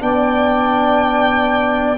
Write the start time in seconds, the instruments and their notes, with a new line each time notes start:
0.00 tuba B3, trombone D4, saxophone D5, violin G5